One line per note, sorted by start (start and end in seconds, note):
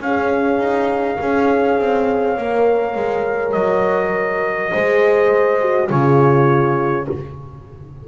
0.00 0.58 C#4
0.00 1.19 C#4
0.00 1.21 G#4
0.00 3.52 F5
0.58 1.17 D#4
1.19 1.78 C#4
1.19 2.37 G#4
1.19 4.71 C#5
1.78 2.37 C4
2.37 2.95 A#3
2.37 4.74 A#4
2.95 3.54 G#3
3.52 4.72 F#3
3.52 5.87 D#5
4.71 5.90 G#3
4.71 5.60 G#4
4.71 5.89 C5
5.60 5.88 F#4
5.88 7.08 C#3
5.88 7.06 F4
5.88 7.07 G#4
5.88 7.07 C#5